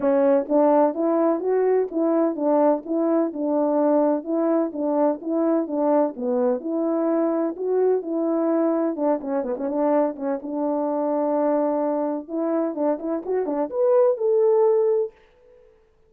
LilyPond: \new Staff \with { instrumentName = "horn" } { \time 4/4 \tempo 4 = 127 cis'4 d'4 e'4 fis'4 | e'4 d'4 e'4 d'4~ | d'4 e'4 d'4 e'4 | d'4 b4 e'2 |
fis'4 e'2 d'8 cis'8 | b16 cis'16 d'4 cis'8 d'2~ | d'2 e'4 d'8 e'8 | fis'8 d'8 b'4 a'2 | }